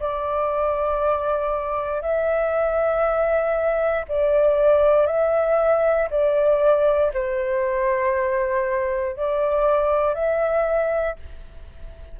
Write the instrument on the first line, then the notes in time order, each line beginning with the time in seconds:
flute
0.00 D5
2.02 E5
4.08 D5
5.07 E5
6.10 D5
7.14 C5
9.17 D5
10.14 E5